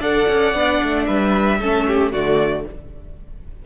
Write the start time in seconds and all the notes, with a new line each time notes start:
0.00 D4 A4 D5 F#5
0.28 C#4
0.54 B3 D4
0.84 A3
1.06 G3 B4 E5
1.60 A3 C#4 A4
1.88 G4
2.12 D3 A3 F#4 D5